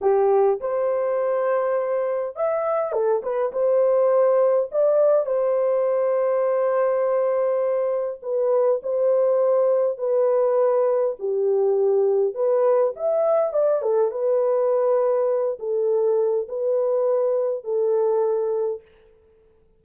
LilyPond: \new Staff \with { instrumentName = "horn" } { \time 4/4 \tempo 4 = 102 g'4 c''2. | e''4 a'8 b'8 c''2 | d''4 c''2.~ | c''2 b'4 c''4~ |
c''4 b'2 g'4~ | g'4 b'4 e''4 d''8 a'8 | b'2~ b'8 a'4. | b'2 a'2 | }